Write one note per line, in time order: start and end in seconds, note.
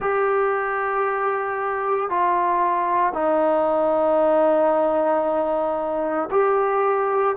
0.00 2.09 G4
2.09 3.13 F4
3.13 6.29 D#4
6.31 7.36 G4